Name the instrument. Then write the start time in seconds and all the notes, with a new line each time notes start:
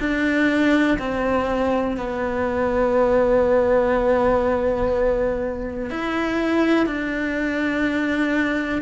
cello
0.00 D4
0.99 C4
1.97 B3
5.91 E4
6.87 D4